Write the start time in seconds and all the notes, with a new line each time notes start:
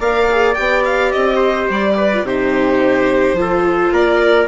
0.00 A#3 A#4 D5 F5
0.31 G#4
0.55 B3 G4 G5
0.85 F5
1.12 C4 D#5
1.36 C5
1.70 G3 D5
1.97 B4
2.13 F4
2.23 C3 D#4 G4 C5
3.33 F3 F4
3.41 A4
3.92 A#3 A#4 D5